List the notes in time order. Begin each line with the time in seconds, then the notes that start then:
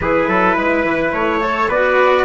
0.01 E3 E4 G#4 B4
0.27 F#3 A4
0.54 G#3 B4
0.83 E3
1.12 A3 C#5
1.41 A4 C#5
1.68 B3 F#4 B4 D5